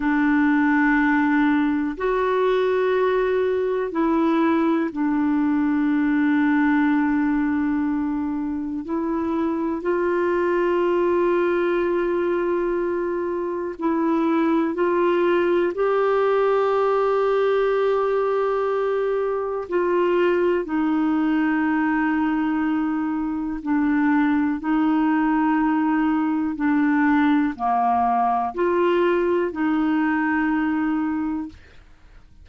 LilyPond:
\new Staff \with { instrumentName = "clarinet" } { \time 4/4 \tempo 4 = 61 d'2 fis'2 | e'4 d'2.~ | d'4 e'4 f'2~ | f'2 e'4 f'4 |
g'1 | f'4 dis'2. | d'4 dis'2 d'4 | ais4 f'4 dis'2 | }